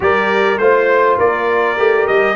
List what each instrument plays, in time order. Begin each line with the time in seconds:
0.00 tuba G3, trombone G4, horn A#4, trumpet D5
0.57 tuba A3, trombone F4, trumpet C5, horn C5
1.17 tuba A#3, horn A#4, trumpet D5
1.76 tuba A3, trombone G4
2.07 tuba G3, trumpet D#5